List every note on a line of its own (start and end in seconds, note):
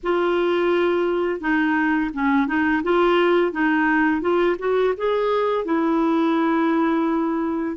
0.03 1.40 F4
1.40 2.10 D#4
2.13 2.47 C#4
2.47 2.82 D#4
2.83 3.52 F4
3.52 4.21 D#4
4.21 4.56 F4
4.59 4.94 F#4
4.97 5.65 G#4
5.65 7.76 E4